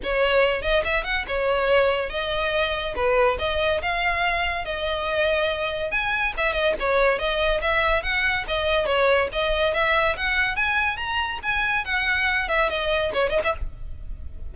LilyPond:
\new Staff \with { instrumentName = "violin" } { \time 4/4 \tempo 4 = 142 cis''4. dis''8 e''8 fis''8 cis''4~ | cis''4 dis''2 b'4 | dis''4 f''2 dis''4~ | dis''2 gis''4 e''8 dis''8 |
cis''4 dis''4 e''4 fis''4 | dis''4 cis''4 dis''4 e''4 | fis''4 gis''4 ais''4 gis''4 | fis''4. e''8 dis''4 cis''8 dis''16 e''16 | }